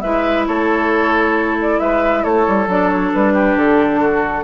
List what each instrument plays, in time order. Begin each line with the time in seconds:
0.00 bassoon G#3, clarinet E4, oboe B4, flute E5
0.47 bassoon A3, oboe A4, flute C#5
1.61 flute D5
1.79 bassoon G#3, oboe B4, flute E5
2.23 bassoon A3, oboe A4, flute C#5
2.47 bassoon G3
2.67 bassoon F#3, clarinet D4, flute D5
2.89 flute C#5
3.13 bassoon G3, flute B4
3.33 oboe G4
3.55 bassoon D3, flute A4
4.00 oboe F#4